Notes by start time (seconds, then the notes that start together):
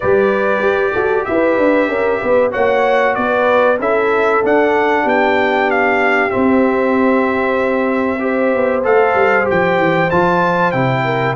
0.00 G3 G4 B4 D5
0.61 G4
0.92 F#4 A4
1.24 E4 B4 E5
1.58 D4
1.88 C#4 A#4
2.20 B3 B4
2.51 A#3 F#4 C#5 F#5
3.14 B3 B4 D5
3.79 C#4 E4 A4 E5
4.43 D4 F#5
5.02 B3 G4 G5
5.70 F5
6.30 C4 E5
8.19 G4 C5
8.54 B3
8.83 A3 A4 F5
9.14 G3
9.44 G4 G5
9.51 F3
9.78 E3
10.10 F3 F4 A5
10.71 C3 E4 G5
11.04 A#4